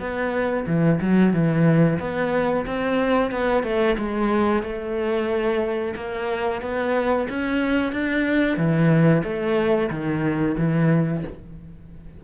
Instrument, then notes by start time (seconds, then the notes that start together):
cello
0.00 B3
0.67 E3
1.01 F#3
1.34 E3
2.00 B3
2.66 C4
3.31 B3
3.64 A3
3.99 G#3
4.63 A3
5.96 A#3
6.62 B3
7.29 C#4
7.93 D4
8.57 E3
9.24 A3
9.90 D#3
10.58 E3